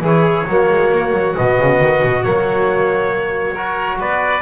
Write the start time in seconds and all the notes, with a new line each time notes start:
0.00 E3 E4 G#4 C#5
0.47 F#3 A#3 F#4
0.69 G#3
0.91 A#3
1.12 F#3
1.35 B2 B3 D#5
1.59 C#3
1.80 D#3
2.03 B2
2.23 F#3 A#3 C#5
3.54 F#4 A#4
4.00 B3 B4 D5